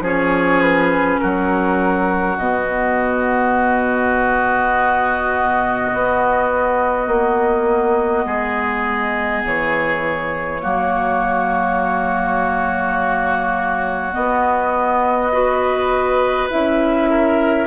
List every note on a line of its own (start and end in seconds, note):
0.00 1.18 F3
0.00 2.37 C#4
0.00 1.20 G#4
0.00 0.61 C#5
0.61 1.19 B4
1.19 2.37 F#3
1.19 8.26 F#4
1.19 2.37 A#4
2.37 5.90 B2
2.37 10.61 B3
2.37 9.43 D#5
5.93 7.07 B3
7.07 8.25 A#3
8.25 9.43 G#3
8.25 10.61 G#4
9.45 10.63 E3
9.45 14.13 C#5
10.61 14.15 F#3
10.61 14.12 A#3
10.61 15.32 F#4
14.12 15.30 B3
14.12 16.50 B3
14.12 16.48 D#5
15.32 16.50 F#4
15.32 17.09 B4
16.50 17.67 C#4
16.50 17.67 E4
16.50 17.67 E5
17.09 17.67 A#4